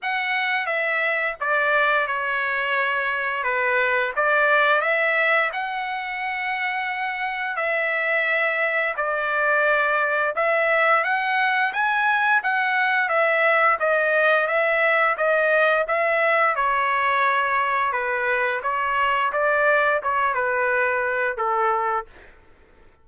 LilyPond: \new Staff \with { instrumentName = "trumpet" } { \time 4/4 \tempo 4 = 87 fis''4 e''4 d''4 cis''4~ | cis''4 b'4 d''4 e''4 | fis''2. e''4~ | e''4 d''2 e''4 |
fis''4 gis''4 fis''4 e''4 | dis''4 e''4 dis''4 e''4 | cis''2 b'4 cis''4 | d''4 cis''8 b'4. a'4 | }